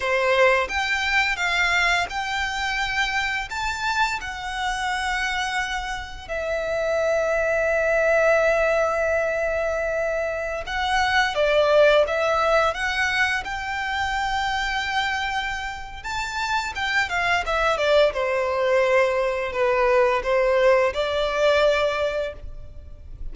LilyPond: \new Staff \with { instrumentName = "violin" } { \time 4/4 \tempo 4 = 86 c''4 g''4 f''4 g''4~ | g''4 a''4 fis''2~ | fis''4 e''2.~ | e''2.~ e''16 fis''8.~ |
fis''16 d''4 e''4 fis''4 g''8.~ | g''2. a''4 | g''8 f''8 e''8 d''8 c''2 | b'4 c''4 d''2 | }